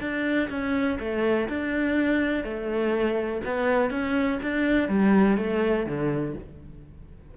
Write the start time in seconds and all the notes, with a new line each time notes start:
0.00 D4
0.49 C#4
0.99 A3
1.49 D4
2.43 A3
3.45 B3
3.90 C#4
4.42 D4
4.88 G3
5.37 A3
5.86 D3